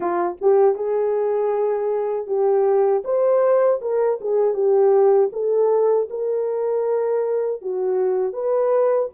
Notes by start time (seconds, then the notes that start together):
0.00 F4
0.41 G4
0.75 G#4
2.26 G4
3.04 C5
3.81 A#4
4.20 G#4
4.54 G4
5.32 A4
6.10 A#4
7.61 F#4
8.32 B4